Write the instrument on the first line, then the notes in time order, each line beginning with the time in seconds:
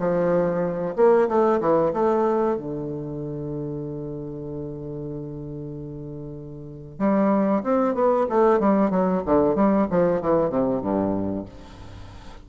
bassoon
0.00 F3
0.97 A#3
1.29 A3
1.61 E3
1.94 A3
2.57 D3
7.00 G3
7.64 C4
7.95 B3
8.30 A3
8.60 G3
8.91 F#3
9.26 D3
9.56 G3
9.91 F3
10.22 E3
10.50 C3
10.82 G2